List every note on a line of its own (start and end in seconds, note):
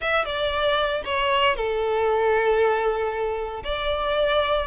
0.01 0.25 E5
0.25 1.02 D5
1.05 1.56 C#5
1.56 3.63 A4
3.63 4.67 D5